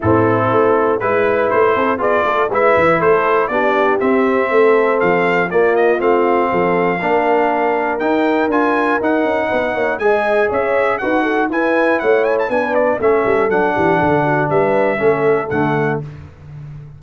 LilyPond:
<<
  \new Staff \with { instrumentName = "trumpet" } { \time 4/4 \tempo 4 = 120 a'2 b'4 c''4 | d''4 e''4 c''4 d''4 | e''2 f''4 d''8 dis''8 | f''1 |
g''4 gis''4 fis''2 | gis''4 e''4 fis''4 gis''4 | fis''8 gis''16 a''16 gis''8 d''8 e''4 fis''4~ | fis''4 e''2 fis''4 | }
  \new Staff \with { instrumentName = "horn" } { \time 4/4 e'2 b'4. a'8 | gis'8 a'8 b'4 a'4 g'4~ | g'4 a'2 f'4~ | f'4 a'4 ais'2~ |
ais'2. b'8 cis''8 | dis''4 cis''4 b'8 a'8 b'4 | cis''4 b'4 a'4. g'8 | a'8 fis'8 b'4 a'2 | }
  \new Staff \with { instrumentName = "trombone" } { \time 4/4 c'2 e'2 | f'4 e'2 d'4 | c'2. ais4 | c'2 d'2 |
dis'4 f'4 dis'2 | gis'2 fis'4 e'4~ | e'4 d'4 cis'4 d'4~ | d'2 cis'4 a4 | }
  \new Staff \with { instrumentName = "tuba" } { \time 4/4 a,4 a4 gis4 a8 c'8 | b8 a8 gis8 e8 a4 b4 | c'4 a4 f4 ais4 | a4 f4 ais2 |
dis'4 d'4 dis'8 cis'8 b8 ais8 | gis4 cis'4 dis'4 e'4 | a4 b4 a8 g8 fis8 e8 | d4 g4 a4 d4 | }
>>